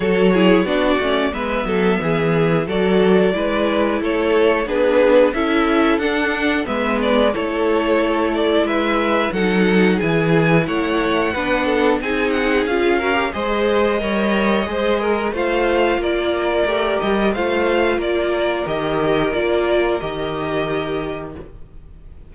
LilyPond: <<
  \new Staff \with { instrumentName = "violin" } { \time 4/4 \tempo 4 = 90 cis''4 d''4 e''2 | d''2 cis''4 b'4 | e''4 fis''4 e''8 d''8 cis''4~ | cis''8 d''8 e''4 fis''4 gis''4 |
fis''2 gis''8 fis''8 f''4 | dis''2. f''4 | d''4. dis''8 f''4 d''4 | dis''4 d''4 dis''2 | }
  \new Staff \with { instrumentName = "violin" } { \time 4/4 a'8 gis'8 fis'4 b'8 a'8 gis'4 | a'4 b'4 a'4 gis'4 | a'2 b'4 a'4~ | a'4 b'4 a'4 gis'4 |
cis''4 b'8 a'8 gis'4. ais'8 | c''4 cis''4 c''8 ais'8 c''4 | ais'2 c''4 ais'4~ | ais'1 | }
  \new Staff \with { instrumentName = "viola" } { \time 4/4 fis'8 e'8 d'8 cis'8 b2 | fis'4 e'2 d'4 | e'4 d'4 b4 e'4~ | e'2 dis'4 e'4~ |
e'4 d'4 dis'4 f'8 fis'16 g'16 | gis'4 ais'4 gis'4 f'4~ | f'4 g'4 f'2 | g'4 f'4 g'2 | }
  \new Staff \with { instrumentName = "cello" } { \time 4/4 fis4 b8 a8 gis8 fis8 e4 | fis4 gis4 a4 b4 | cis'4 d'4 gis4 a4~ | a4 gis4 fis4 e4 |
a4 b4 c'4 cis'4 | gis4 g4 gis4 a4 | ais4 a8 g8 a4 ais4 | dis4 ais4 dis2 | }
>>